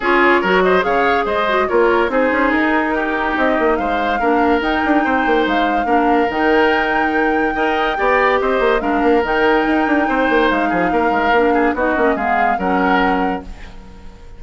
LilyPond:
<<
  \new Staff \with { instrumentName = "flute" } { \time 4/4 \tempo 4 = 143 cis''4. dis''8 f''4 dis''4 | cis''4 c''4 ais'2 | dis''4 f''2 g''4~ | g''4 f''2 g''4~ |
g''1 | dis''4 f''4 g''2~ | g''4 f''2. | dis''4 f''4 fis''2 | }
  \new Staff \with { instrumentName = "oboe" } { \time 4/4 gis'4 ais'8 c''8 cis''4 c''4 | ais'4 gis'2 g'4~ | g'4 c''4 ais'2 | c''2 ais'2~ |
ais'2 dis''4 d''4 | c''4 ais'2. | c''4. gis'8 ais'4. gis'8 | fis'4 gis'4 ais'2 | }
  \new Staff \with { instrumentName = "clarinet" } { \time 4/4 f'4 fis'4 gis'4. fis'8 | f'4 dis'2.~ | dis'2 d'4 dis'4~ | dis'2 d'4 dis'4~ |
dis'2 ais'4 g'4~ | g'4 d'4 dis'2~ | dis'2. d'4 | dis'8 cis'8 b4 cis'2 | }
  \new Staff \with { instrumentName = "bassoon" } { \time 4/4 cis'4 fis4 cis4 gis4 | ais4 c'8 cis'8 dis'2 | c'8 ais8 gis4 ais4 dis'8 d'8 | c'8 ais8 gis4 ais4 dis4~ |
dis2 dis'4 b4 | c'8 ais8 gis8 ais8 dis4 dis'8 d'8 | c'8 ais8 gis8 f8 ais8 gis8 ais4 | b8 ais8 gis4 fis2 | }
>>